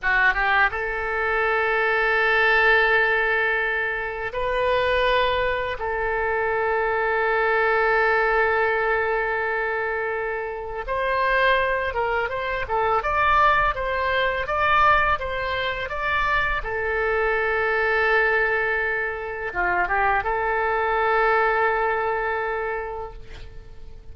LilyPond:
\new Staff \with { instrumentName = "oboe" } { \time 4/4 \tempo 4 = 83 fis'8 g'8 a'2.~ | a'2 b'2 | a'1~ | a'2. c''4~ |
c''8 ais'8 c''8 a'8 d''4 c''4 | d''4 c''4 d''4 a'4~ | a'2. f'8 g'8 | a'1 | }